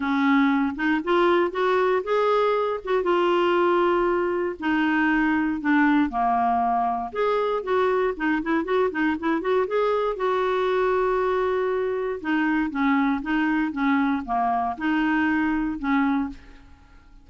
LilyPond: \new Staff \with { instrumentName = "clarinet" } { \time 4/4 \tempo 4 = 118 cis'4. dis'8 f'4 fis'4 | gis'4. fis'8 f'2~ | f'4 dis'2 d'4 | ais2 gis'4 fis'4 |
dis'8 e'8 fis'8 dis'8 e'8 fis'8 gis'4 | fis'1 | dis'4 cis'4 dis'4 cis'4 | ais4 dis'2 cis'4 | }